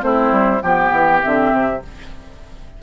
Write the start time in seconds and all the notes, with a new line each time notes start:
0.00 A3 C4 E4 C5
0.31 G3
0.61 F3 B3 G4 G5
0.91 E3
1.22 D3 C4 E5
1.52 C3